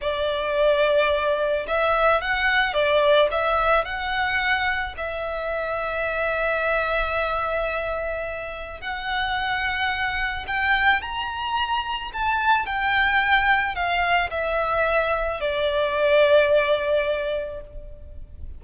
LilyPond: \new Staff \with { instrumentName = "violin" } { \time 4/4 \tempo 4 = 109 d''2. e''4 | fis''4 d''4 e''4 fis''4~ | fis''4 e''2.~ | e''1 |
fis''2. g''4 | ais''2 a''4 g''4~ | g''4 f''4 e''2 | d''1 | }